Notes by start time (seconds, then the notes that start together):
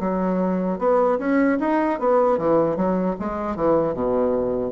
0.00 F#3
0.79 B3
1.19 C#4
1.60 D#4
2.00 B3
2.38 E3
2.76 F#3
3.20 G#3
3.56 E3
3.94 B2